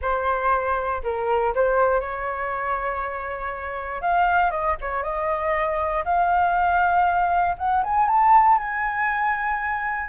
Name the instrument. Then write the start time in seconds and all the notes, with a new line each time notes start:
flute
0.01 C5
1.03 A#4
1.54 C5
2.00 C#5
4.01 F5
4.50 D#5
4.81 C#5
5.03 D#5
6.04 F5
7.57 F#5
7.83 G#5
8.08 A5
8.58 G#5